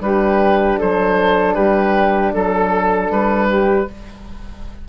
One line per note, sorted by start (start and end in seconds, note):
0.00 0.77 G3
0.00 3.86 D4
0.00 0.78 G4
0.00 0.79 B4
0.78 1.56 F#3
0.78 1.55 A4
0.78 1.54 C5
1.54 2.33 G3
1.54 2.32 G4
1.54 2.31 B4
2.33 3.10 F#3
2.33 3.49 A4
2.33 3.11 A4
3.10 3.87 G3
3.10 3.88 B4
3.49 3.87 G4